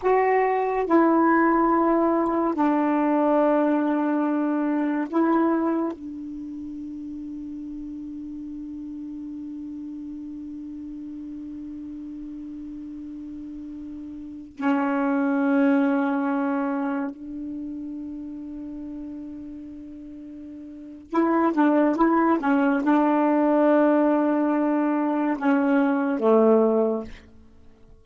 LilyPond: \new Staff \with { instrumentName = "saxophone" } { \time 4/4 \tempo 4 = 71 fis'4 e'2 d'4~ | d'2 e'4 d'4~ | d'1~ | d'1~ |
d'4~ d'16 cis'2~ cis'8.~ | cis'16 d'2.~ d'8.~ | d'4 e'8 d'8 e'8 cis'8 d'4~ | d'2 cis'4 a4 | }